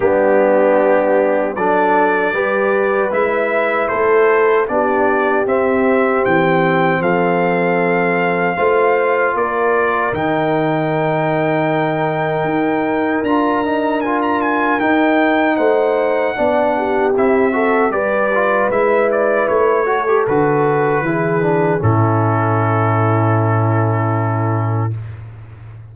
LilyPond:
<<
  \new Staff \with { instrumentName = "trumpet" } { \time 4/4 \tempo 4 = 77 g'2 d''2 | e''4 c''4 d''4 e''4 | g''4 f''2. | d''4 g''2.~ |
g''4 ais''4 gis''16 ais''16 gis''8 g''4 | fis''2 e''4 d''4 | e''8 d''8 cis''4 b'2 | a'1 | }
  \new Staff \with { instrumentName = "horn" } { \time 4/4 d'2 a'4 b'4~ | b'4 a'4 g'2~ | g'4 a'2 c''4 | ais'1~ |
ais'1 | c''4 d''8 g'4 a'8 b'4~ | b'4. a'4. gis'4 | e'1 | }
  \new Staff \with { instrumentName = "trombone" } { \time 4/4 b2 d'4 g'4 | e'2 d'4 c'4~ | c'2. f'4~ | f'4 dis'2.~ |
dis'4 f'8 dis'8 f'4 dis'4~ | dis'4 d'4 e'8 fis'8 g'8 f'8 | e'4. fis'16 g'16 fis'4 e'8 d'8 | cis'1 | }
  \new Staff \with { instrumentName = "tuba" } { \time 4/4 g2 fis4 g4 | gis4 a4 b4 c'4 | e4 f2 a4 | ais4 dis2. |
dis'4 d'2 dis'4 | a4 b4 c'4 g4 | gis4 a4 d4 e4 | a,1 | }
>>